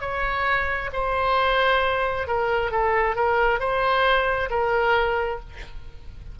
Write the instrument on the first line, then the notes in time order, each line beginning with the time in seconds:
oboe
0.00 C#5
0.92 C5
2.27 A#4
2.71 A4
3.15 A#4
3.59 C5
4.50 A#4